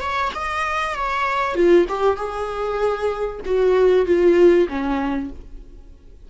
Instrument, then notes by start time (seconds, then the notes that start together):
viola
0.00 C#5
0.35 D#5
0.94 C#5
1.55 F4
1.88 G4
2.16 G#4
3.45 F#4
4.05 F4
4.68 C#4